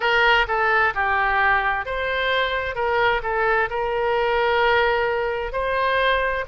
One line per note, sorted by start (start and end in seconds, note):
0.00 0.46 A#4
0.47 0.93 A4
0.94 1.85 G4
1.85 2.75 C5
2.75 3.21 A#4
3.23 3.69 A4
3.69 5.52 A#4
5.52 6.44 C5